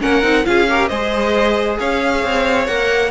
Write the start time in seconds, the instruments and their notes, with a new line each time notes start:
0.00 cello A#3, viola C#4, violin A#4 F#5
0.22 cello C4, viola D#4
0.44 cello C#4, viola F4, violin G#4 F5
0.69 viola G4, violin A#4
0.88 cello G#3, viola G#4, violin C5 D#5
1.79 cello C#4, violin C#5 F5
2.24 cello C4
2.66 cello A#3, viola A#4, violin F#5